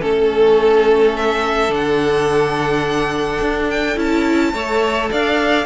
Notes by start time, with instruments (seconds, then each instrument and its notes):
0.00 cello A3, viola C#4, violin A4
1.17 violin E5
1.69 cello D3, viola D4, violin F#5
3.41 cello D4
3.70 violin G5
3.96 cello C#4, viola E4, violin A5
4.53 cello A3, viola A4, violin C#5
5.11 cello D4, violin D5 F5